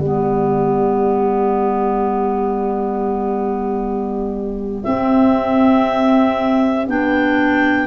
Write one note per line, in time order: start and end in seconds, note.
0.00 4.83 G3
0.00 4.84 B3
0.00 7.87 G4
0.00 4.84 D5
4.84 6.87 C4
4.84 6.88 C4
4.84 6.87 E5
6.87 7.87 B3
6.87 7.87 D4
6.87 7.87 G5